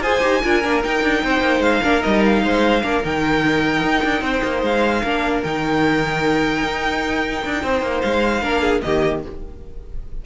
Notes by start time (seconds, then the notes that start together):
0.00 F4 G#4 C5 G#5
0.21 D#4 G4
0.43 D4 F4 A#4
0.63 A#3 D4
0.83 D#4 G5
1.03 D4
1.23 C4 C5
1.40 A#3
1.60 G#3 F5
1.82 A#3 D4 A#4
2.00 G3 D#4 D#5
2.25 F5
2.43 G#3 C5
2.82 A#3 D4 A#4
3.03 D#3 D#4 G5
3.83 D#4
4.04 D4
4.21 C4 C5
4.43 A#3
4.62 G#3 F5
5.02 A#3 D4 A#4
5.42 D#3 D#4 G5
6.63 D#4
7.45 D4
7.63 C4 C5
7.81 A#3
8.01 G#3 F5
8.42 A#3 D4 A#4
8.61 G#4
8.81 D#3 A#3 G4 D#5